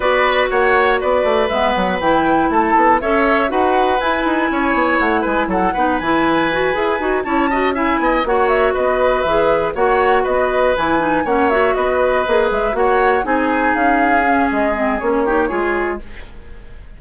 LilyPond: <<
  \new Staff \with { instrumentName = "flute" } { \time 4/4 \tempo 4 = 120 d''4 fis''4 d''4 e''8 fis''8 | g''4 a''4 e''4 fis''4 | gis''2 fis''8 gis''8 fis''4 | gis''2~ gis''8 a''4 gis''8~ |
gis''8 fis''8 e''8 dis''4 e''4 fis''8~ | fis''8 dis''4 gis''4 fis''8 e''8 dis''8~ | dis''4 e''8 fis''4 gis''4 f''8~ | f''4 dis''4 cis''2 | }
  \new Staff \with { instrumentName = "oboe" } { \time 4/4 b'4 cis''4 b'2~ | b'4 a'4 cis''4 b'4~ | b'4 cis''4. b'8 a'8 b'8~ | b'2~ b'8 cis''8 dis''8 e''8 |
dis''8 cis''4 b'2 cis''8~ | cis''8 b'2 cis''4 b'8~ | b'4. cis''4 gis'4.~ | gis'2~ gis'8 g'8 gis'4 | }
  \new Staff \with { instrumentName = "clarinet" } { \time 4/4 fis'2. b4 | e'2 a'4 fis'4 | e'2.~ e'8 dis'8 | e'4 fis'8 gis'8 fis'8 e'8 fis'8 e'8~ |
e'8 fis'2 gis'4 fis'8~ | fis'4. e'8 dis'8 cis'8 fis'4~ | fis'8 gis'4 fis'4 dis'4.~ | dis'8 cis'4 c'8 cis'8 dis'8 f'4 | }
  \new Staff \with { instrumentName = "bassoon" } { \time 4/4 b4 ais4 b8 a8 gis8 fis8 | e4 a8 b8 cis'4 dis'4 | e'8 dis'8 cis'8 b8 a8 gis8 fis8 b8 | e4. e'8 dis'8 cis'4. |
b8 ais4 b4 e4 ais8~ | ais8 b4 e4 ais4 b8~ | b8 ais8 gis8 ais4 c'4 cis'8~ | cis'4 gis4 ais4 gis4 | }
>>